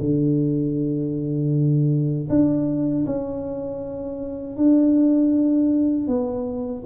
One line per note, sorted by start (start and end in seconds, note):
0.00 2.28 D3
2.29 3.05 D4
3.06 4.56 C#4
4.56 6.07 D4
6.07 6.83 B3